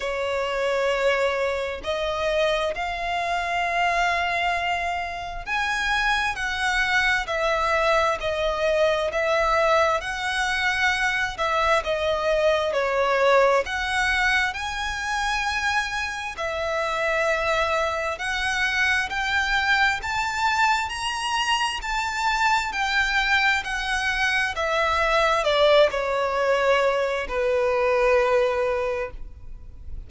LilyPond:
\new Staff \with { instrumentName = "violin" } { \time 4/4 \tempo 4 = 66 cis''2 dis''4 f''4~ | f''2 gis''4 fis''4 | e''4 dis''4 e''4 fis''4~ | fis''8 e''8 dis''4 cis''4 fis''4 |
gis''2 e''2 | fis''4 g''4 a''4 ais''4 | a''4 g''4 fis''4 e''4 | d''8 cis''4. b'2 | }